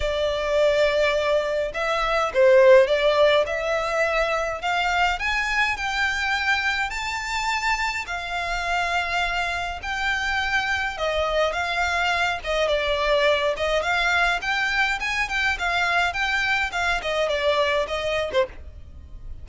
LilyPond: \new Staff \with { instrumentName = "violin" } { \time 4/4 \tempo 4 = 104 d''2. e''4 | c''4 d''4 e''2 | f''4 gis''4 g''2 | a''2 f''2~ |
f''4 g''2 dis''4 | f''4. dis''8 d''4. dis''8 | f''4 g''4 gis''8 g''8 f''4 | g''4 f''8 dis''8 d''4 dis''8. c''16 | }